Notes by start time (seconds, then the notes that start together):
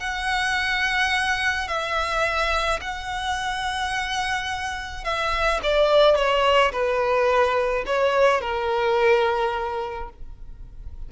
0.00 F#5
1.68 E5
2.81 F#5
5.04 E5
5.63 D5
6.16 C#5
6.72 B4
7.87 C#5
8.41 A#4